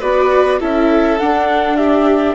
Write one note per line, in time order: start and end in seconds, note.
0.00 0.60 B3
0.00 0.60 F#4
0.00 0.59 B4
0.00 0.61 D5
0.60 1.20 C#4
0.60 1.19 E4
0.60 1.77 A4
0.60 1.19 E5
1.19 2.35 D4
1.19 1.77 F#5
1.77 2.35 G4
1.77 2.35 E5